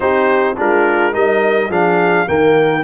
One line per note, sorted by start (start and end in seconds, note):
0.00 0.56 C4
0.00 0.55 D#4
0.00 0.57 G4
0.00 0.57 C5
0.56 1.14 G#3
0.56 1.12 D4
0.56 1.13 F4
0.56 1.14 A#4
1.12 1.69 G3
1.12 1.69 D#4
1.12 1.68 A#4
1.12 1.71 D#5
1.68 2.26 F3
1.68 2.27 D4
1.68 2.25 G#4
1.68 2.28 F5
2.27 2.83 D#3
2.27 2.83 A#3
2.27 2.83 A#4
2.27 2.83 G5